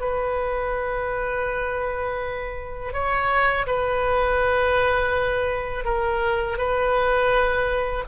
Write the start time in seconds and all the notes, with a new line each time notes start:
0.00 B4
2.92 C#5
3.66 B4
5.84 A#4
6.58 B4